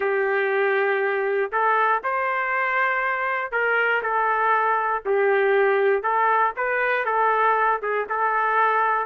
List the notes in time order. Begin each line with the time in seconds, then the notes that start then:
0.00 G4
1.51 A4
2.03 C5
3.51 A#4
4.02 A4
5.05 G4
6.02 A4
6.56 B4
7.05 A4
7.82 G#4
8.09 A4